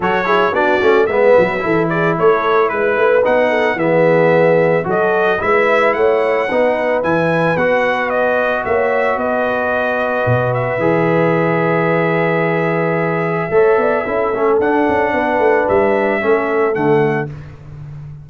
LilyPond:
<<
  \new Staff \with { instrumentName = "trumpet" } { \time 4/4 \tempo 4 = 111 cis''4 d''4 e''4. d''8 | cis''4 b'4 fis''4 e''4~ | e''4 dis''4 e''4 fis''4~ | fis''4 gis''4 fis''4 dis''4 |
e''4 dis''2~ dis''8 e''8~ | e''1~ | e''2. fis''4~ | fis''4 e''2 fis''4 | }
  \new Staff \with { instrumentName = "horn" } { \time 4/4 a'8 gis'8 fis'4 b'4 a'8 gis'8 | a'4 b'4. a'8 gis'4~ | gis'4 a'4 b'4 cis''4 | b'1 |
cis''4 b'2.~ | b'1~ | b'4 cis''8 d''8 a'2 | b'2 a'2 | }
  \new Staff \with { instrumentName = "trombone" } { \time 4/4 fis'8 e'8 d'8 cis'8 b4 e'4~ | e'2 dis'4 b4~ | b4 fis'4 e'2 | dis'4 e'4 fis'2~ |
fis'1 | gis'1~ | gis'4 a'4 e'8 cis'8 d'4~ | d'2 cis'4 a4 | }
  \new Staff \with { instrumentName = "tuba" } { \time 4/4 fis4 b8 a8 gis8 fis8 e4 | a4 gis8 a8 b4 e4~ | e4 fis4 gis4 a4 | b4 e4 b2 |
ais4 b2 b,4 | e1~ | e4 a8 b8 cis'8 a8 d'8 cis'8 | b8 a8 g4 a4 d4 | }
>>